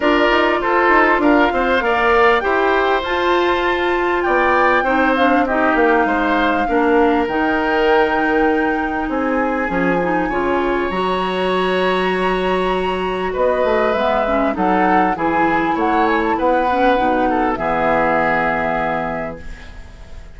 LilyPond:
<<
  \new Staff \with { instrumentName = "flute" } { \time 4/4 \tempo 4 = 99 d''4 c''4 f''2 | g''4 a''2 g''4~ | g''8 f''8 dis''8 f''2~ f''8 | g''2. gis''4~ |
gis''2 ais''2~ | ais''2 dis''4 e''4 | fis''4 gis''4 fis''8 gis''16 a''16 fis''4~ | fis''4 e''2. | }
  \new Staff \with { instrumentName = "oboe" } { \time 4/4 ais'4 a'4 ais'8 c''8 d''4 | c''2. d''4 | c''4 g'4 c''4 ais'4~ | ais'2. gis'4~ |
gis'4 cis''2.~ | cis''2 b'2 | a'4 gis'4 cis''4 b'4~ | b'8 a'8 gis'2. | }
  \new Staff \with { instrumentName = "clarinet" } { \time 4/4 f'2. ais'4 | g'4 f'2. | dis'8 d'8 dis'2 d'4 | dis'1 |
cis'8 dis'8 f'4 fis'2~ | fis'2. b8 cis'8 | dis'4 e'2~ e'8 cis'8 | dis'4 b2. | }
  \new Staff \with { instrumentName = "bassoon" } { \time 4/4 d'8 dis'8 f'8 dis'8 d'8 c'8 ais4 | e'4 f'2 b4 | c'4. ais8 gis4 ais4 | dis2. c'4 |
f4 cis4 fis2~ | fis2 b8 a8 gis4 | fis4 e4 a4 b4 | b,4 e2. | }
>>